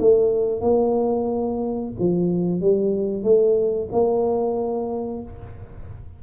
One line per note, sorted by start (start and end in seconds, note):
0.00 0.61 A3
0.61 1.92 A#3
2.00 2.61 F3
2.61 3.24 G3
3.24 3.89 A3
3.92 5.23 A#3